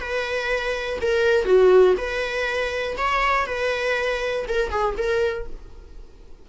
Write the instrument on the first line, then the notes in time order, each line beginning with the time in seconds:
viola
0.00 B4
1.02 A#4
1.45 F#4
1.97 B4
2.98 C#5
3.47 B4
4.48 A#4
4.70 G#4
4.97 A#4